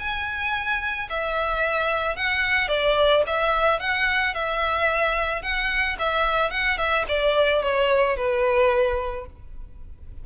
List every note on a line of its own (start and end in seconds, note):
0.00 1.09 G#5
1.10 2.16 E5
2.16 2.69 F#5
2.69 3.23 D5
3.27 3.80 E5
3.80 4.35 F#5
4.35 5.42 E5
5.42 5.97 F#5
6.00 6.51 E5
6.51 6.78 F#5
6.78 7.05 E5
7.09 7.63 D5
7.63 8.17 C#5
8.17 9.26 B4